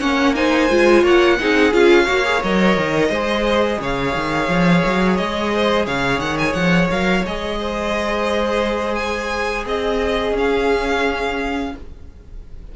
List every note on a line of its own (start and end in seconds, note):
0.00 0.70 A#3
0.00 0.35 C#4
0.00 0.35 C#5
0.00 0.34 F#5
0.35 0.69 D#4
0.35 1.02 C5
0.35 1.04 G#5
0.69 1.03 G#3
0.69 1.38 F4
1.02 1.38 A#3
1.02 1.37 C#5
1.02 1.73 F#5
1.39 1.74 C4
1.39 1.72 D#4
1.39 2.04 G#4
1.72 2.08 C#4
1.72 2.06 F4
1.72 2.42 F5
2.04 2.43 A#3
2.04 2.24 F#4
2.04 3.08 C#5
2.25 2.42 G#4
2.43 2.77 F#3
2.43 3.12 A#4
2.43 3.81 D#5
2.77 3.09 D#3
3.09 3.78 G#3
3.09 6.91 G#4
3.09 3.78 C5
3.80 4.14 C#3
3.80 5.53 C#5
3.80 5.17 F5
4.15 4.48 D#3
4.48 4.83 F3
4.86 5.20 F#3
5.17 5.87 G#3
5.17 5.86 D#5
5.54 5.86 C5
5.86 6.19 C#3
5.86 7.58 C#5
5.86 6.20 F5
6.19 6.54 D#3
6.19 6.37 F#5
6.38 6.53 G#5
6.53 6.89 F3
6.53 6.87 F#5
6.91 7.25 F#3
6.91 7.25 A#4
6.91 7.25 F5
7.26 9.65 G#3
7.26 10.36 G#4
7.26 8.95 D#5
7.60 9.65 C5
8.95 9.64 G#5
9.65 10.32 C4
9.65 11.72 G#4
9.65 10.36 D#5
10.32 11.70 C#4
10.32 11.75 C#4
10.38 11.76 F5